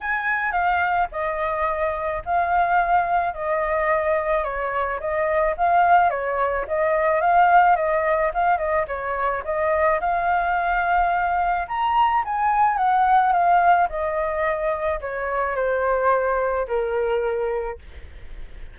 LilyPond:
\new Staff \with { instrumentName = "flute" } { \time 4/4 \tempo 4 = 108 gis''4 f''4 dis''2 | f''2 dis''2 | cis''4 dis''4 f''4 cis''4 | dis''4 f''4 dis''4 f''8 dis''8 |
cis''4 dis''4 f''2~ | f''4 ais''4 gis''4 fis''4 | f''4 dis''2 cis''4 | c''2 ais'2 | }